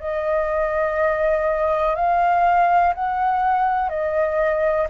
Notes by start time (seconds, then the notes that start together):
0.00 D#5
1.95 F5
2.95 F#5
3.89 D#5